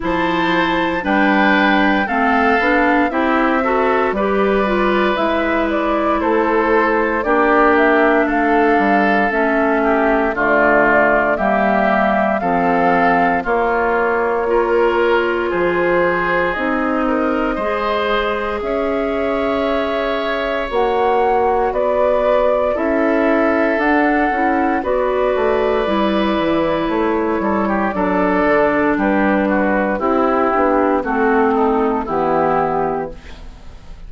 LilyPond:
<<
  \new Staff \with { instrumentName = "flute" } { \time 4/4 \tempo 4 = 58 a''4 g''4 f''4 e''4 | d''4 e''8 d''8 c''4 d''8 e''8 | f''4 e''4 d''4 e''4 | f''4 cis''2 c''4 |
dis''2 e''2 | fis''4 d''4 e''4 fis''4 | d''2 cis''4 d''4 | b'4 g'4 a'4 g'4 | }
  \new Staff \with { instrumentName = "oboe" } { \time 4/4 c''4 b'4 a'4 g'8 a'8 | b'2 a'4 g'4 | a'4. g'8 f'4 g'4 | a'4 f'4 ais'4 gis'4~ |
gis'8 ais'8 c''4 cis''2~ | cis''4 b'4 a'2 | b'2~ b'8 a'16 g'16 a'4 | g'8 fis'8 e'4 fis'8 dis'8 e'4 | }
  \new Staff \with { instrumentName = "clarinet" } { \time 4/4 e'4 d'4 c'8 d'8 e'8 fis'8 | g'8 f'8 e'2 d'4~ | d'4 cis'4 a4 ais4 | c'4 ais4 f'2 |
dis'4 gis'2. | fis'2 e'4 d'8 e'8 | fis'4 e'2 d'4~ | d'4 e'8 d'8 c'4 b4 | }
  \new Staff \with { instrumentName = "bassoon" } { \time 4/4 f4 g4 a8 b8 c'4 | g4 gis4 a4 ais4 | a8 g8 a4 d4 g4 | f4 ais2 f4 |
c'4 gis4 cis'2 | ais4 b4 cis'4 d'8 cis'8 | b8 a8 g8 e8 a8 g8 fis8 d8 | g4 c'8 b8 a4 e4 | }
>>